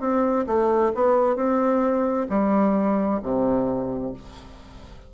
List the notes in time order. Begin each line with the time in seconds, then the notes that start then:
0.00 C4
0.47 A3
0.95 B3
1.36 C4
2.29 G3
3.22 C3